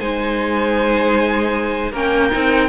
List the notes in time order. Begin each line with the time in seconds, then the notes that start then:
0.00 G#3 D#4 C5 G#5
1.92 A#3 C#4 A#4 G5
2.31 C4 D#4